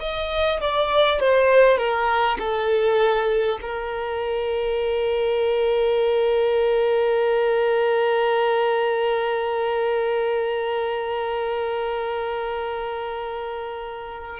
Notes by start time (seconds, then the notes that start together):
0.00 D#5
0.61 D5
1.20 C5
1.78 A#4
2.39 A4
3.62 A#4